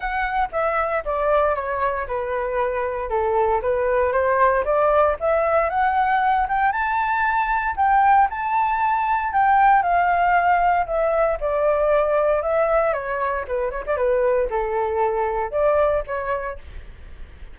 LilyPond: \new Staff \with { instrumentName = "flute" } { \time 4/4 \tempo 4 = 116 fis''4 e''4 d''4 cis''4 | b'2 a'4 b'4 | c''4 d''4 e''4 fis''4~ | fis''8 g''8 a''2 g''4 |
a''2 g''4 f''4~ | f''4 e''4 d''2 | e''4 cis''4 b'8 cis''16 d''16 b'4 | a'2 d''4 cis''4 | }